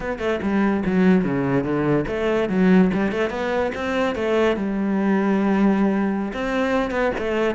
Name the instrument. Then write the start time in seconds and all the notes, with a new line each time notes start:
cello
0.00 B3
0.18 A3
0.42 G3
0.85 F#3
1.24 C#3
1.64 D3
2.07 A3
2.49 F#3
2.93 G3
3.11 A3
3.30 B3
3.74 C4
4.15 A3
4.56 G3
6.33 C4
6.90 B3
7.18 A3